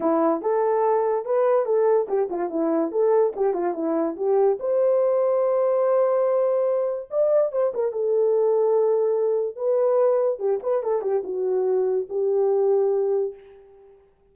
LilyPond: \new Staff \with { instrumentName = "horn" } { \time 4/4 \tempo 4 = 144 e'4 a'2 b'4 | a'4 g'8 f'8 e'4 a'4 | g'8 f'8 e'4 g'4 c''4~ | c''1~ |
c''4 d''4 c''8 ais'8 a'4~ | a'2. b'4~ | b'4 g'8 b'8 a'8 g'8 fis'4~ | fis'4 g'2. | }